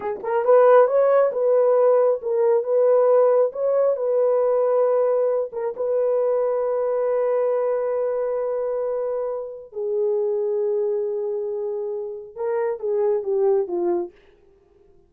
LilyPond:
\new Staff \with { instrumentName = "horn" } { \time 4/4 \tempo 4 = 136 gis'8 ais'8 b'4 cis''4 b'4~ | b'4 ais'4 b'2 | cis''4 b'2.~ | b'8 ais'8 b'2.~ |
b'1~ | b'2 gis'2~ | gis'1 | ais'4 gis'4 g'4 f'4 | }